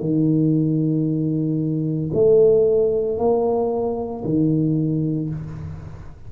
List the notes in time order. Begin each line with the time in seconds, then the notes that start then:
0.00 D#3
2.13 A3
3.18 A#3
4.24 D#3